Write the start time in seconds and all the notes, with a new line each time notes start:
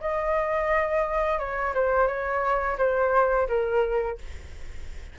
0.00 D#5
1.38 C#5
1.74 C5
2.07 C#5
2.77 C5
3.48 A#4